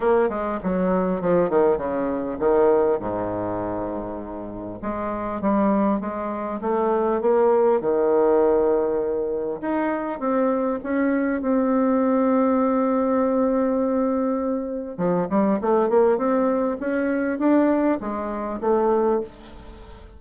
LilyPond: \new Staff \with { instrumentName = "bassoon" } { \time 4/4 \tempo 4 = 100 ais8 gis8 fis4 f8 dis8 cis4 | dis4 gis,2. | gis4 g4 gis4 a4 | ais4 dis2. |
dis'4 c'4 cis'4 c'4~ | c'1~ | c'4 f8 g8 a8 ais8 c'4 | cis'4 d'4 gis4 a4 | }